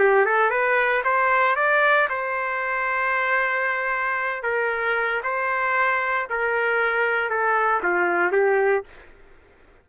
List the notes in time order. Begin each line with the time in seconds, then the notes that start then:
0.00 G4
0.26 A4
0.51 B4
1.05 C5
1.57 D5
2.10 C5
4.43 A#4
5.24 C5
6.30 A#4
7.30 A4
7.84 F4
8.32 G4